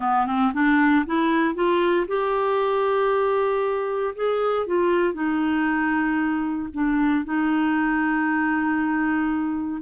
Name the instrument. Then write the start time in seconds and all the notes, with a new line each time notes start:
clarinet
0.00 B3
0.26 C4
0.53 D4
1.06 E4
1.54 F4
2.07 G4
4.15 G#4
4.66 F4
5.13 D#4
6.73 D4
7.24 D#4